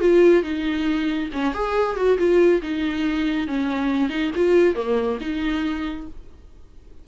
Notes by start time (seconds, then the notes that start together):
0.00 F4
0.43 D#4
1.33 C#4
1.54 G#4
1.96 F#4
2.18 F4
2.62 D#4
3.47 C#4
4.09 D#4
4.35 F4
4.75 A#3
5.20 D#4